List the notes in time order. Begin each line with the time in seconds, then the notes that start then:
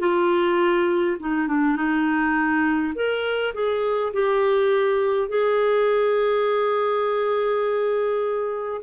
0.00 F4
1.20 D#4
1.48 D4
1.76 D#4
2.95 A#4
3.55 G#4
4.13 G4
5.29 G#4